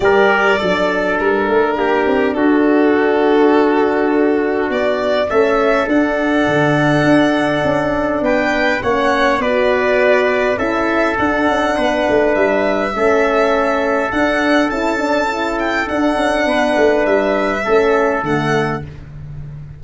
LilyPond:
<<
  \new Staff \with { instrumentName = "violin" } { \time 4/4 \tempo 4 = 102 d''2 ais'2 | a'1 | d''4 e''4 fis''2~ | fis''2 g''4 fis''4 |
d''2 e''4 fis''4~ | fis''4 e''2. | fis''4 a''4. g''8 fis''4~ | fis''4 e''2 fis''4 | }
  \new Staff \with { instrumentName = "trumpet" } { \time 4/4 ais'4 a'2 g'4 | fis'1~ | fis'4 a'2.~ | a'2 b'4 cis''4 |
b'2 a'2 | b'2 a'2~ | a'1 | b'2 a'2 | }
  \new Staff \with { instrumentName = "horn" } { \time 4/4 g'4 d'2.~ | d'1~ | d'4 cis'4 d'2~ | d'2. cis'4 |
fis'2 e'4 d'4~ | d'2 cis'2 | d'4 e'8 d'8 e'4 d'4~ | d'2 cis'4 a4 | }
  \new Staff \with { instrumentName = "tuba" } { \time 4/4 g4 fis4 g8 a8 ais8 c'8 | d'1 | b4 a4 d'4 d4 | d'4 cis'4 b4 ais4 |
b2 cis'4 d'8 cis'8 | b8 a8 g4 a2 | d'4 cis'2 d'8 cis'8 | b8 a8 g4 a4 d4 | }
>>